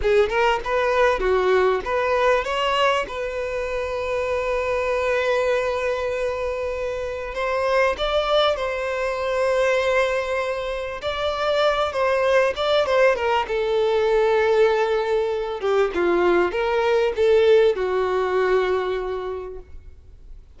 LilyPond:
\new Staff \with { instrumentName = "violin" } { \time 4/4 \tempo 4 = 98 gis'8 ais'8 b'4 fis'4 b'4 | cis''4 b'2.~ | b'1 | c''4 d''4 c''2~ |
c''2 d''4. c''8~ | c''8 d''8 c''8 ais'8 a'2~ | a'4. g'8 f'4 ais'4 | a'4 fis'2. | }